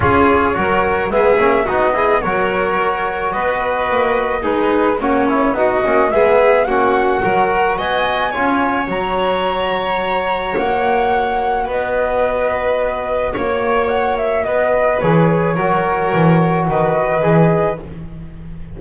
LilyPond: <<
  \new Staff \with { instrumentName = "flute" } { \time 4/4 \tempo 4 = 108 cis''2 e''4 dis''4 | cis''2 dis''2 | b'4 cis''4 dis''4 e''4 | fis''2 gis''2 |
ais''2. fis''4~ | fis''4 dis''2. | cis''4 fis''8 e''8 dis''4 cis''4~ | cis''2 dis''2 | }
  \new Staff \with { instrumentName = "violin" } { \time 4/4 gis'4 ais'4 gis'4 fis'8 gis'8 | ais'2 b'2 | dis'4 cis'4 fis'4 gis'4 | fis'4 ais'4 dis''4 cis''4~ |
cis''1~ | cis''4 b'2. | cis''2 b'2 | ais'2 b'2 | }
  \new Staff \with { instrumentName = "trombone" } { \time 4/4 f'4 fis'4 b8 cis'8 dis'8 e'8 | fis'1 | gis'4 fis'8 e'8 dis'8 cis'8 b4 | cis'4 fis'2 f'4 |
fis'1~ | fis'1~ | fis'2. gis'4 | fis'2. gis'4 | }
  \new Staff \with { instrumentName = "double bass" } { \time 4/4 cis'4 fis4 gis8 ais8 b4 | fis2 b4 ais4 | gis4 ais4 b8 ais8 gis4 | ais4 fis4 b4 cis'4 |
fis2. ais4~ | ais4 b2. | ais2 b4 e4 | fis4 e4 dis4 e4 | }
>>